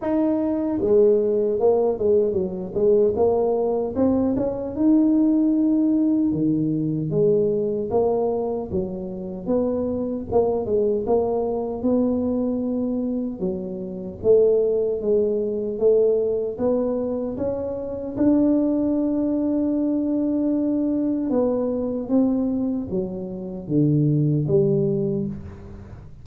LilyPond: \new Staff \with { instrumentName = "tuba" } { \time 4/4 \tempo 4 = 76 dis'4 gis4 ais8 gis8 fis8 gis8 | ais4 c'8 cis'8 dis'2 | dis4 gis4 ais4 fis4 | b4 ais8 gis8 ais4 b4~ |
b4 fis4 a4 gis4 | a4 b4 cis'4 d'4~ | d'2. b4 | c'4 fis4 d4 g4 | }